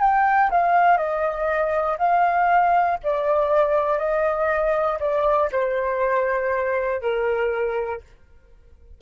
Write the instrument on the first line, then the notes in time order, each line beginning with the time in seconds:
flute
0.00 G5
0.51 F5
0.97 D#5
1.99 F5
3.04 D5
3.99 D#5
5.00 D5
5.52 C5
7.01 A#4